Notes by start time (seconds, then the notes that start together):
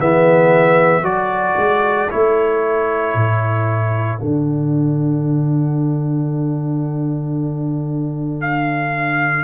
0.00 E3 B3 G#4 E5
1.03 F#3 F#4 A4 D5
1.58 G#3
2.11 A3 E4 C#5
3.15 A2
4.19 D3 D4 F#5
8.41 F5